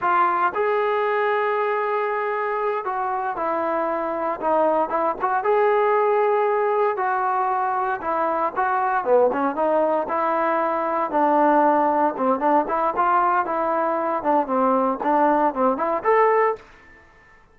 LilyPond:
\new Staff \with { instrumentName = "trombone" } { \time 4/4 \tempo 4 = 116 f'4 gis'2.~ | gis'4. fis'4 e'4.~ | e'8 dis'4 e'8 fis'8 gis'4.~ | gis'4. fis'2 e'8~ |
e'8 fis'4 b8 cis'8 dis'4 e'8~ | e'4. d'2 c'8 | d'8 e'8 f'4 e'4. d'8 | c'4 d'4 c'8 e'8 a'4 | }